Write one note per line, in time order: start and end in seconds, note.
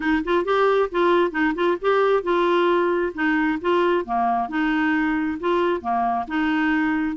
0.00 0.22 D#4
0.24 0.45 F4
0.45 0.89 G4
0.91 1.31 F4
1.31 1.53 D#4
1.54 1.77 F4
1.81 2.23 G4
2.23 3.12 F4
3.14 3.59 D#4
3.61 4.05 F4
4.05 4.48 A#3
4.48 5.38 D#4
5.40 5.81 F4
5.81 6.26 A#3
6.27 7.16 D#4